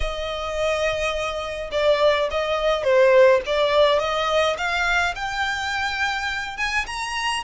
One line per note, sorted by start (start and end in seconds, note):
0.00 1.70 D#5
1.71 2.28 D5
2.30 2.83 D#5
2.83 3.40 C5
3.46 3.99 D5
3.99 4.56 D#5
4.57 5.14 F5
5.15 6.57 G5
6.57 6.85 G#5
6.86 7.43 A#5